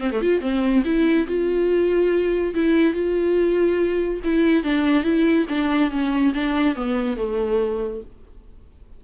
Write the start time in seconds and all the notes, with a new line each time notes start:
0.00 C4
0.11 A3
0.21 F4
0.41 C4
0.85 E4
1.27 F4
2.54 E4
2.93 F4
4.24 E4
4.63 D4
5.04 E4
5.49 D4
5.91 C#4
6.34 D4
6.75 B3
7.17 A3